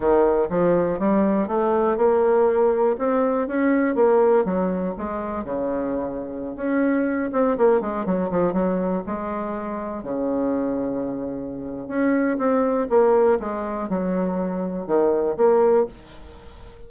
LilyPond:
\new Staff \with { instrumentName = "bassoon" } { \time 4/4 \tempo 4 = 121 dis4 f4 g4 a4 | ais2 c'4 cis'4 | ais4 fis4 gis4 cis4~ | cis4~ cis16 cis'4. c'8 ais8 gis16~ |
gis16 fis8 f8 fis4 gis4.~ gis16~ | gis16 cis2.~ cis8. | cis'4 c'4 ais4 gis4 | fis2 dis4 ais4 | }